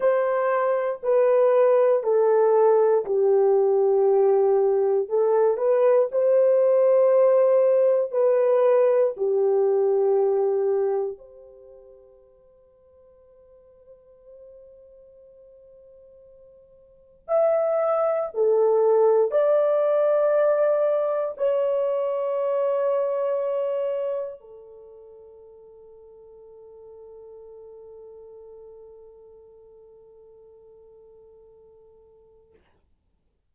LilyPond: \new Staff \with { instrumentName = "horn" } { \time 4/4 \tempo 4 = 59 c''4 b'4 a'4 g'4~ | g'4 a'8 b'8 c''2 | b'4 g'2 c''4~ | c''1~ |
c''4 e''4 a'4 d''4~ | d''4 cis''2. | a'1~ | a'1 | }